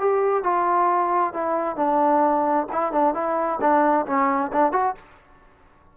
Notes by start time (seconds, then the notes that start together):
0.00 G4
0.44 F4
1.34 E4
1.77 D4
2.73 E4
2.93 D4
3.15 E4
3.61 D4
4.07 C#4
4.53 D4
4.73 F#4